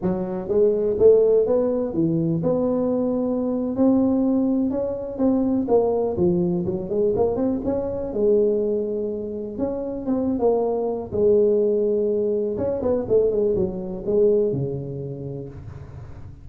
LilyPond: \new Staff \with { instrumentName = "tuba" } { \time 4/4 \tempo 4 = 124 fis4 gis4 a4 b4 | e4 b2~ b8. c'16~ | c'4.~ c'16 cis'4 c'4 ais16~ | ais8. f4 fis8 gis8 ais8 c'8 cis'16~ |
cis'8. gis2. cis'16~ | cis'8. c'8. ais4. gis4~ | gis2 cis'8 b8 a8 gis8 | fis4 gis4 cis2 | }